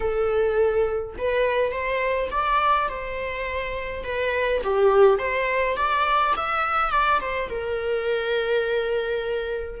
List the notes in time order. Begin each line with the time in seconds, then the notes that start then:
0.00 A4
1.18 B4
1.71 C5
2.31 D5
2.88 C5
4.04 B4
4.63 G4
5.18 C5
5.76 D5
6.36 E5
6.91 D5
7.20 C5
7.49 A#4